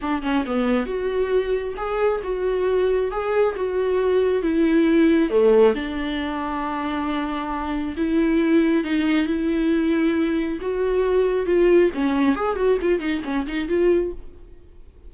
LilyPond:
\new Staff \with { instrumentName = "viola" } { \time 4/4 \tempo 4 = 136 d'8 cis'8 b4 fis'2 | gis'4 fis'2 gis'4 | fis'2 e'2 | a4 d'2.~ |
d'2 e'2 | dis'4 e'2. | fis'2 f'4 cis'4 | gis'8 fis'8 f'8 dis'8 cis'8 dis'8 f'4 | }